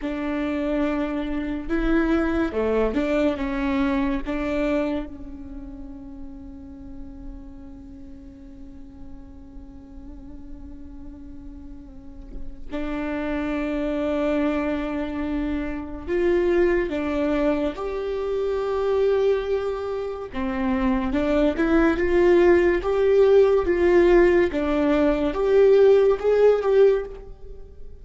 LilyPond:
\new Staff \with { instrumentName = "viola" } { \time 4/4 \tempo 4 = 71 d'2 e'4 a8 d'8 | cis'4 d'4 cis'2~ | cis'1~ | cis'2. d'4~ |
d'2. f'4 | d'4 g'2. | c'4 d'8 e'8 f'4 g'4 | f'4 d'4 g'4 gis'8 g'8 | }